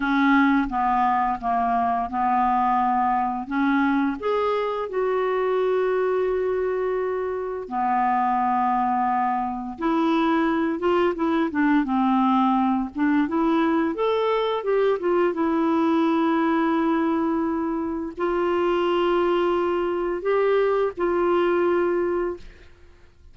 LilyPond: \new Staff \with { instrumentName = "clarinet" } { \time 4/4 \tempo 4 = 86 cis'4 b4 ais4 b4~ | b4 cis'4 gis'4 fis'4~ | fis'2. b4~ | b2 e'4. f'8 |
e'8 d'8 c'4. d'8 e'4 | a'4 g'8 f'8 e'2~ | e'2 f'2~ | f'4 g'4 f'2 | }